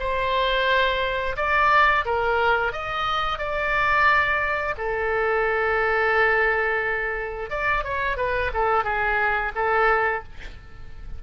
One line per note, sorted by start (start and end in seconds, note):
0.00 1.36 C5
1.37 2.05 D5
2.05 2.72 A#4
2.72 3.39 D#5
3.39 4.75 D5
4.78 7.50 A4
7.50 7.84 D5
7.84 8.17 C#5
8.17 8.51 B4
8.54 8.84 A4
8.84 9.52 G#4
9.55 10.23 A4